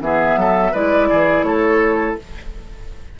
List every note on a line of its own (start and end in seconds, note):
0.00 0.36 E3
0.00 0.74 B3
0.00 0.40 G#4
0.00 0.74 E5
0.36 0.72 F#3
0.36 0.72 A4
0.72 1.10 G#3
0.72 2.19 E4
0.72 1.08 B4
0.72 1.43 D5
1.10 1.43 E3
1.10 1.46 G#4
1.43 2.15 A3
1.43 2.20 A4
1.43 2.16 C#5